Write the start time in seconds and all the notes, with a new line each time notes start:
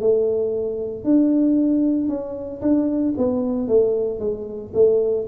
0.00 A3
1.04 D4
2.08 C#4
2.61 D4
3.17 B3
3.68 A3
4.19 G#3
4.73 A3